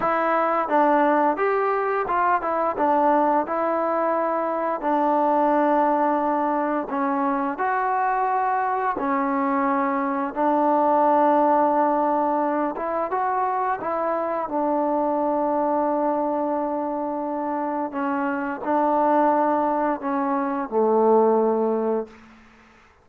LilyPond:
\new Staff \with { instrumentName = "trombone" } { \time 4/4 \tempo 4 = 87 e'4 d'4 g'4 f'8 e'8 | d'4 e'2 d'4~ | d'2 cis'4 fis'4~ | fis'4 cis'2 d'4~ |
d'2~ d'8 e'8 fis'4 | e'4 d'2.~ | d'2 cis'4 d'4~ | d'4 cis'4 a2 | }